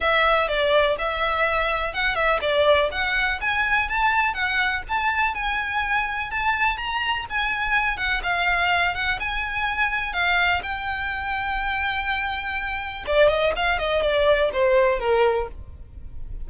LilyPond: \new Staff \with { instrumentName = "violin" } { \time 4/4 \tempo 4 = 124 e''4 d''4 e''2 | fis''8 e''8 d''4 fis''4 gis''4 | a''4 fis''4 a''4 gis''4~ | gis''4 a''4 ais''4 gis''4~ |
gis''8 fis''8 f''4. fis''8 gis''4~ | gis''4 f''4 g''2~ | g''2. d''8 dis''8 | f''8 dis''8 d''4 c''4 ais'4 | }